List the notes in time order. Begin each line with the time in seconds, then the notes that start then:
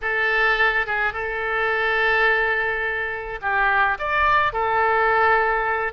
0.01 A4
0.86 G#4
1.13 A4
3.41 G4
3.99 D5
4.53 A4